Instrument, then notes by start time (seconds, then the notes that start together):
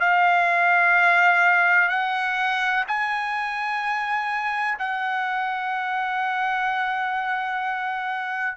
trumpet
0.00 F5
1.89 F#5
2.87 G#5
4.79 F#5